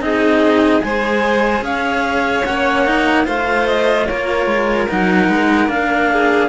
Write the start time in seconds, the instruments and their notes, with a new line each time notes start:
0.00 cello C4 D#4, violin G#4, clarinet D#5
0.81 cello G#3 G#4, violin C5, clarinet G#5
1.62 cello C#4, violin C#5, clarinet F5
2.45 cello A#3 C#4, clarinet F#5
2.86 cello D#4
3.26 cello A3 F4, violin C5, clarinet F5
3.67 clarinet D#5
4.07 cello A#3, violin A#4, clarinet C#5
4.47 cello G#3
4.89 cello F#3 D#4, clarinet F#5
5.29 cello G#3
5.68 cello A#3 D4, clarinet F5
6.13 violin G#4